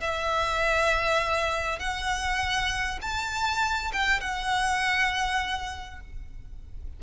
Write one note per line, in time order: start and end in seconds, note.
0.00 1.79 E5
1.79 2.99 F#5
3.01 3.91 A5
3.92 4.20 G5
4.20 6.00 F#5